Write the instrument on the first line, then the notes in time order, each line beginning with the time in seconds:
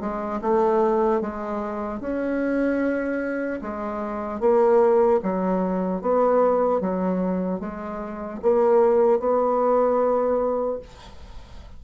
bassoon
0.00 G#3
0.41 A3
1.21 G#3
2.00 C#4
3.61 G#3
4.40 A#3
5.23 F#3
6.01 B3
6.81 F#3
7.60 G#3
8.43 A#3
9.20 B3